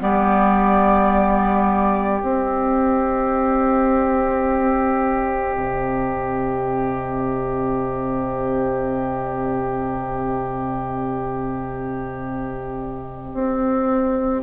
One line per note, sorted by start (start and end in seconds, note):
0.00 2.22 G3
0.00 2.21 B3
0.00 14.43 G4
0.00 2.22 D5
2.21 14.43 C4
2.21 5.56 C4
2.21 14.43 D#5
5.56 13.34 C3
13.34 14.43 C4